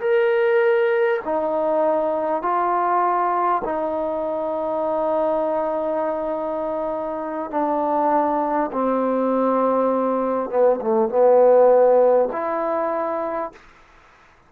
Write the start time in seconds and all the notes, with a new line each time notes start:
0.00 A#4
1.24 D#4
2.42 F4
3.64 D#4
7.50 D4
8.72 C4
10.49 B3
10.81 A3
11.08 B3
12.32 E4